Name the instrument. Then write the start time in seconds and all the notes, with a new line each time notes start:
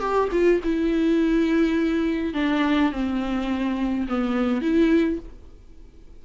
viola
0.00 G4
0.32 F4
0.64 E4
2.34 D4
2.92 C4
4.08 B3
4.62 E4